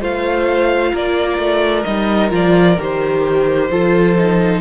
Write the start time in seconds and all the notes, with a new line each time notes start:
0.00 A3 F4 C5 F5
0.92 A#3 A#4 D5
1.38 A3
1.83 G3 D#4 D#5
2.30 F3 F4 D5
2.78 D#3 G4 C5
3.69 F3 F4 A4
4.17 D#4